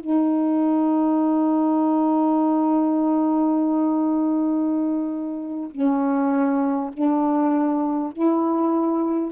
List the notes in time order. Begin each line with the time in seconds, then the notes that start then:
0.00 D#4
5.71 C#4
6.93 D4
8.12 E4